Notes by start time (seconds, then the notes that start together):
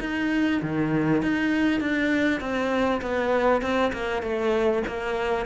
0.00 D#4
0.61 D#3
1.22 D#4
1.80 D4
2.40 C4
3.01 B3
3.61 C4
3.93 A#3
4.22 A3
4.87 A#3